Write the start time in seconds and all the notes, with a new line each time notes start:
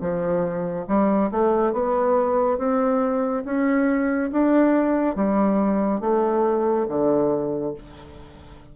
0.00 F3
0.87 G3
1.31 A3
1.73 B3
2.58 C4
3.44 C#4
4.32 D4
5.15 G3
6.00 A3
6.88 D3